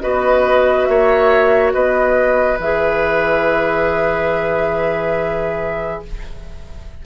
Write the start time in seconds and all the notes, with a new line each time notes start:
0.00 B3 F#4 B4 D#5
0.85 A#3 C#5 E5
1.73 B3 B4 D#5
2.58 E3 G#4 E5